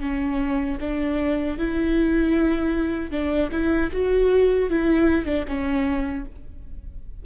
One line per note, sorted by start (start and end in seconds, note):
0.00 0.78 C#4
0.80 1.58 D4
1.58 3.11 E4
3.11 3.50 D4
3.52 3.91 E4
3.92 4.70 F#4
4.70 5.26 E4
5.26 5.45 D4
5.48 6.26 C#4